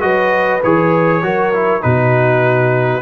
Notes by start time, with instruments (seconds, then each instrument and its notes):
0.00 tuba F#3, trombone F#4, horn B4, trumpet D#5
0.63 tuba E3, trombone G#4, trumpet C#5
1.23 tuba F#3, trombone F#4, horn A#4
1.53 trombone E4
1.81 tuba B2, trombone D#4, horn F#4, trumpet B4